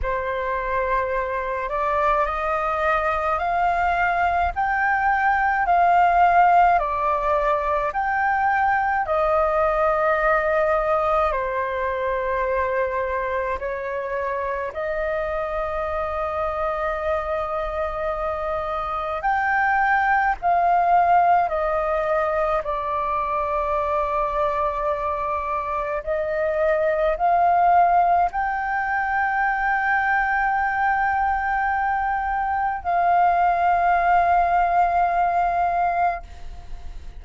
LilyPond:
\new Staff \with { instrumentName = "flute" } { \time 4/4 \tempo 4 = 53 c''4. d''8 dis''4 f''4 | g''4 f''4 d''4 g''4 | dis''2 c''2 | cis''4 dis''2.~ |
dis''4 g''4 f''4 dis''4 | d''2. dis''4 | f''4 g''2.~ | g''4 f''2. | }